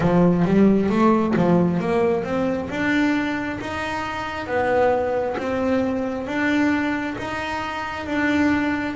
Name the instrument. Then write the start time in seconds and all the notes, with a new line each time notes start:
double bass
0.00 F3
0.45 G3
0.89 A3
1.36 F3
1.80 A#3
2.24 C4
2.69 D4
3.60 D#4
4.47 B3
5.37 C4
6.26 D4
7.18 D#4
8.06 D4